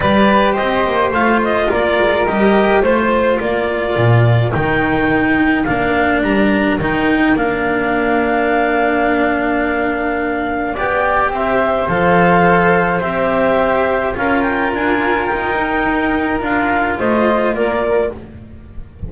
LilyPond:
<<
  \new Staff \with { instrumentName = "clarinet" } { \time 4/4 \tempo 4 = 106 d''4 dis''4 f''8 dis''8 d''4 | dis''4 c''4 d''2 | g''2 f''4 ais''4 | g''4 f''2.~ |
f''2. g''4 | e''4 f''2 e''4~ | e''4 f''8 g''8 gis''4 g''4~ | g''4 f''4 dis''4 d''4 | }
  \new Staff \with { instrumentName = "flute" } { \time 4/4 b'4 c''2 ais'4~ | ais'4 c''4 ais'2~ | ais'1~ | ais'1~ |
ais'2. d''4 | c''1~ | c''4 ais'2.~ | ais'2 c''4 ais'4 | }
  \new Staff \with { instrumentName = "cello" } { \time 4/4 g'2 f'2 | g'4 f'2. | dis'2 d'2 | dis'4 d'2.~ |
d'2. g'4~ | g'4 a'2 g'4~ | g'4 f'2~ f'8 dis'8~ | dis'4 f'2. | }
  \new Staff \with { instrumentName = "double bass" } { \time 4/4 g4 c'8 ais8 a4 ais8 gis8 | g4 a4 ais4 ais,4 | dis2 ais4 g4 | dis4 ais2.~ |
ais2. b4 | c'4 f2 c'4~ | c'4 cis'4 d'4 dis'4~ | dis'4 d'4 a4 ais4 | }
>>